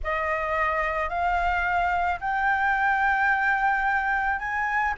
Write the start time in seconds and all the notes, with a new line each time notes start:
0.03 D#5
1.09 F5
2.20 G5
4.39 G#5